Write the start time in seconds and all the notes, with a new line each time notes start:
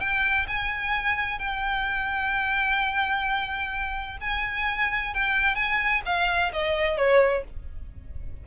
0.00 G5
0.48 G#5
1.39 G5
4.21 G#5
5.14 G5
5.55 G#5
6.06 F5
6.53 D#5
6.97 C#5